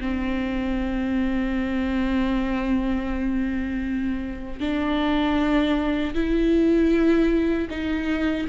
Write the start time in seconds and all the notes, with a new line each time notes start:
0.00 C4
4.60 D4
6.14 E4
7.70 D#4